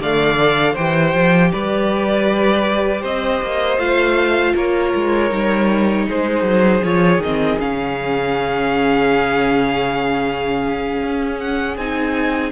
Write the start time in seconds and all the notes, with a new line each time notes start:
0.00 D3 A3 D5 F5
0.38 A4
0.73 E3 G4 C5 G5
1.14 F3
1.52 G3 B4 D5
3.01 C4 C5 D#5
3.42 A#3
3.78 A3 F4 F5
4.55 A#3 A#4 C#5
4.95 G#3
5.30 G3 D#4
6.07 G#3 G#4 C5
6.43 F#3
6.83 F3 F4 C#5
7.19 D#3 D#5
7.26 C4
7.59 C#3 C#4 F5
11.03 C#4
11.39 F#5
11.77 C4 D#4 G#5